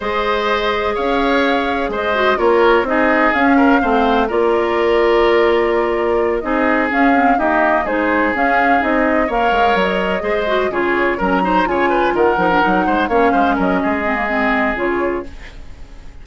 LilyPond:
<<
  \new Staff \with { instrumentName = "flute" } { \time 4/4 \tempo 4 = 126 dis''2 f''2 | dis''4 cis''4 dis''4 f''4~ | f''4 d''2.~ | d''4. dis''4 f''4 dis''8~ |
dis''8 c''4 f''4 dis''4 f''8~ | f''8 dis''2 cis''4 ais''8~ | ais''8 gis''4 fis''2 f''8~ | f''8 dis''2~ dis''8 cis''4 | }
  \new Staff \with { instrumentName = "oboe" } { \time 4/4 c''2 cis''2 | c''4 ais'4 gis'4. ais'8 | c''4 ais'2.~ | ais'4. gis'2 g'8~ |
g'8 gis'2. cis''8~ | cis''4. c''4 gis'4 ais'8 | c''8 cis''8 b'8 ais'4. c''8 cis''8 | c''8 ais'8 gis'2. | }
  \new Staff \with { instrumentName = "clarinet" } { \time 4/4 gis'1~ | gis'8 fis'8 f'4 dis'4 cis'4 | c'4 f'2.~ | f'4. dis'4 cis'8 c'8 ais8~ |
ais8 dis'4 cis'4 dis'4 ais'8~ | ais'4. gis'8 fis'8 f'4 cis'8 | dis'8 f'4. dis'16 d'16 dis'4 cis'8~ | cis'4. c'16 ais16 c'4 f'4 | }
  \new Staff \with { instrumentName = "bassoon" } { \time 4/4 gis2 cis'2 | gis4 ais4 c'4 cis'4 | a4 ais2.~ | ais4. c'4 cis'4 dis'8~ |
dis'8 gis4 cis'4 c'4 ais8 | gis8 fis4 gis4 cis4 fis8~ | fis8 cis4 dis8 f8 fis8 gis8 ais8 | gis8 fis8 gis2 cis4 | }
>>